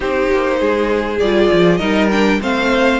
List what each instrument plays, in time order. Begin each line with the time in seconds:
0.00 cello C4, viola D#4, violin G4 C5
0.30 cello A#3
0.59 cello G#3, violin G#4
1.19 cello G3, viola F4, violin D5
1.52 cello F3
1.77 cello G3, viola D#4, violin A#4 D#5
2.11 viola D4, violin G5
2.41 cello A3, viola C4, violin C5 F5